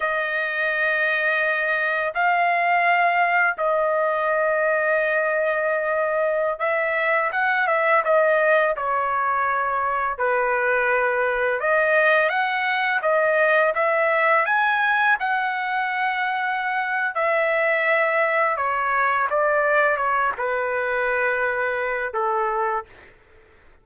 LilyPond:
\new Staff \with { instrumentName = "trumpet" } { \time 4/4 \tempo 4 = 84 dis''2. f''4~ | f''4 dis''2.~ | dis''4~ dis''16 e''4 fis''8 e''8 dis''8.~ | dis''16 cis''2 b'4.~ b'16~ |
b'16 dis''4 fis''4 dis''4 e''8.~ | e''16 gis''4 fis''2~ fis''8. | e''2 cis''4 d''4 | cis''8 b'2~ b'8 a'4 | }